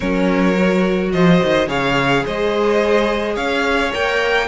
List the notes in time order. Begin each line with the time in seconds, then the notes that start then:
0.00 F#3 C#4 A#4 C#5
0.56 F#4
1.12 F3 C5 D#5
1.43 D#3
1.67 C#3 G#4 C#5 F5
2.24 G#3 C5 D#5
3.35 C#4 C#5 F5
3.91 A#3 A#4 G5